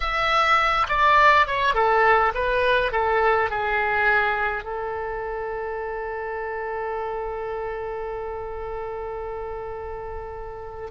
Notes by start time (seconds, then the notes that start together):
0.00 E5
0.88 D5
1.46 C#5
1.74 A4
2.34 B4
2.92 A4
3.50 G#4
4.63 A4